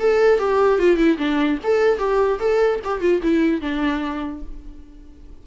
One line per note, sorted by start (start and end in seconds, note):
0.00 0.39 A4
0.39 0.79 G4
0.79 0.97 F4
0.97 1.18 E4
1.18 1.59 D4
1.64 1.99 A4
1.99 2.40 G4
2.40 2.80 A4
2.84 3.01 G4
3.01 3.22 F4
3.23 3.62 E4
3.62 4.43 D4